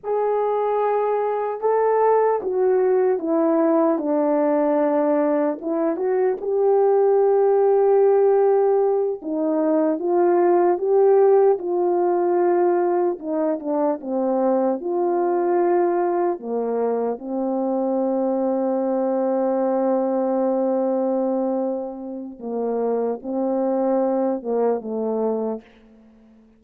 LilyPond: \new Staff \with { instrumentName = "horn" } { \time 4/4 \tempo 4 = 75 gis'2 a'4 fis'4 | e'4 d'2 e'8 fis'8 | g'2.~ g'8 dis'8~ | dis'8 f'4 g'4 f'4.~ |
f'8 dis'8 d'8 c'4 f'4.~ | f'8 ais4 c'2~ c'8~ | c'1 | ais4 c'4. ais8 a4 | }